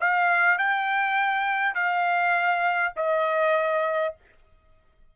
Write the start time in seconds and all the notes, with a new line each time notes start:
0.00 F5
0.58 G5
1.75 F5
2.96 D#5